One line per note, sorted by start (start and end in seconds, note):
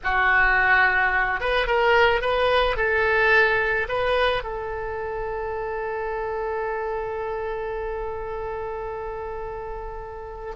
0.03 1.40 F#4
1.40 1.66 B4
1.66 2.21 A#4
2.21 2.76 B4
2.76 3.87 A4
3.88 4.43 B4
4.43 10.54 A4